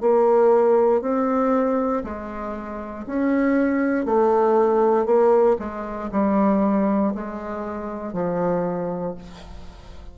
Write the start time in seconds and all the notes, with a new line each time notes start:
0.00 A#3
1.01 C4
2.03 G#3
3.06 C#4
4.05 A3
5.06 A#3
5.58 G#3
6.11 G3
7.14 G#3
8.13 F3